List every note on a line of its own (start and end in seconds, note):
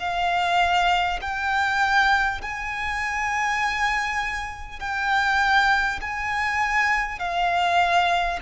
0.00 1.20 F5
1.22 2.42 G5
2.42 4.80 G#5
4.80 6.00 G5
6.01 7.19 G#5
7.19 8.39 F5